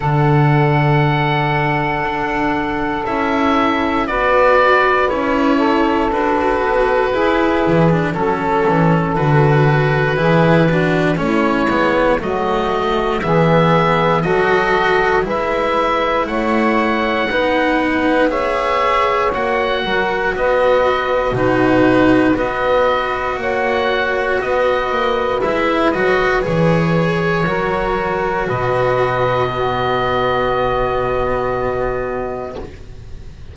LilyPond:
<<
  \new Staff \with { instrumentName = "oboe" } { \time 4/4 \tempo 4 = 59 fis''2. e''4 | d''4 cis''4 b'2 | a'4 b'2 cis''4 | dis''4 e''4 dis''4 e''4 |
fis''2 e''4 fis''4 | dis''4 b'4 dis''4 fis''4 | dis''4 e''8 dis''8 cis''2 | dis''1 | }
  \new Staff \with { instrumentName = "saxophone" } { \time 4/4 a'1 | b'4. a'4. gis'4 | a'2 gis'8 fis'8 e'4 | fis'4 gis'4 a'4 b'4 |
cis''4 b'4 cis''4. ais'8 | b'4 fis'4 b'4 cis''4 | b'2. ais'4 | b'4 fis'2. | }
  \new Staff \with { instrumentName = "cello" } { \time 4/4 d'2. e'4 | fis'4 e'4 fis'4 e'8. d'16 | cis'4 fis'4 e'8 d'8 cis'8 b8 | a4 b4 fis'4 e'4~ |
e'4 dis'4 gis'4 fis'4~ | fis'4 dis'4 fis'2~ | fis'4 e'8 fis'8 gis'4 fis'4~ | fis'4 b2. | }
  \new Staff \with { instrumentName = "double bass" } { \time 4/4 d2 d'4 cis'4 | b4 cis'4 d'8 b8 e'8 e8 | fis8 e8 d4 e4 a8 gis8 | fis4 e4 fis4 gis4 |
a4 b2 ais8 fis8 | b4 b,4 b4 ais4 | b8 ais8 gis8 fis8 e4 fis4 | b,1 | }
>>